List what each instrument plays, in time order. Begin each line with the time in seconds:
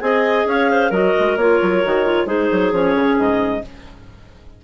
0.00 bassoon C4, clarinet G#4 D#5 G#5
0.45 bassoon C#4, clarinet C#5 F5
0.70 clarinet C5
0.90 bassoon F#3, clarinet F#4 A#4 D#5
1.19 bassoon G#3
1.36 bassoon A#3, clarinet F4 C#5
1.62 bassoon F#3
1.84 bassoon D#3, clarinet F#4
2.05 clarinet F4
2.25 bassoon G#3, clarinet D#4 G#4 C5
2.51 bassoon F#3
2.71 bassoon F3, clarinet C#4 C#5
2.95 bassoon C#3
3.19 bassoon G#2, clarinet D#5